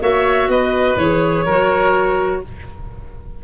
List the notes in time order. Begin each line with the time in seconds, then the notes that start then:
0.00 A#3 F#4 C#5 E5
0.48 B3 B4 D#5
0.96 E3 G#4 C#5
1.45 F#3 F#4 A#4